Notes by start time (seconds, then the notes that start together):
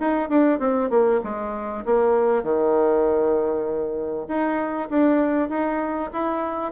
0.00 D#4
0.29 D4
0.59 C4
0.90 A#3
1.24 G#3
1.85 A#3
2.43 D#3
4.28 D#4
4.90 D4
5.49 D#4
6.13 E4